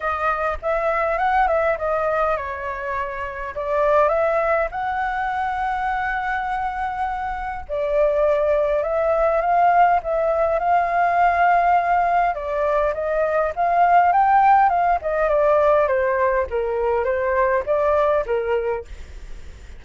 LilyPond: \new Staff \with { instrumentName = "flute" } { \time 4/4 \tempo 4 = 102 dis''4 e''4 fis''8 e''8 dis''4 | cis''2 d''4 e''4 | fis''1~ | fis''4 d''2 e''4 |
f''4 e''4 f''2~ | f''4 d''4 dis''4 f''4 | g''4 f''8 dis''8 d''4 c''4 | ais'4 c''4 d''4 ais'4 | }